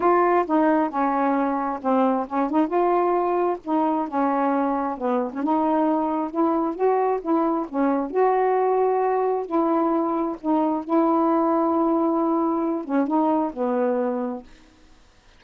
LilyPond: \new Staff \with { instrumentName = "saxophone" } { \time 4/4 \tempo 4 = 133 f'4 dis'4 cis'2 | c'4 cis'8 dis'8 f'2 | dis'4 cis'2 b8. cis'16 | dis'2 e'4 fis'4 |
e'4 cis'4 fis'2~ | fis'4 e'2 dis'4 | e'1~ | e'8 cis'8 dis'4 b2 | }